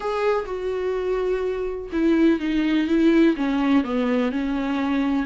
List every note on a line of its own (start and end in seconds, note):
0.00 0.45 G#4
0.45 1.89 F#4
1.92 2.39 E4
2.39 2.87 D#4
2.87 3.35 E4
3.36 3.84 C#4
3.84 4.31 B3
4.31 5.26 C#4